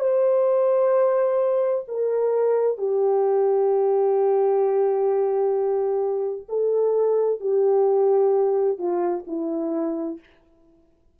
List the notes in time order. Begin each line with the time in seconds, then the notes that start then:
0.00 C5
1.88 A#4
2.78 G4
6.49 A4
7.41 G4
8.78 F4
9.27 E4